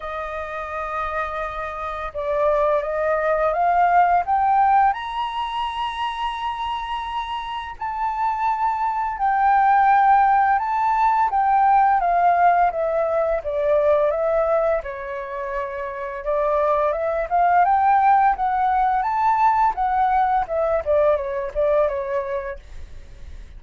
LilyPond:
\new Staff \with { instrumentName = "flute" } { \time 4/4 \tempo 4 = 85 dis''2. d''4 | dis''4 f''4 g''4 ais''4~ | ais''2. a''4~ | a''4 g''2 a''4 |
g''4 f''4 e''4 d''4 | e''4 cis''2 d''4 | e''8 f''8 g''4 fis''4 a''4 | fis''4 e''8 d''8 cis''8 d''8 cis''4 | }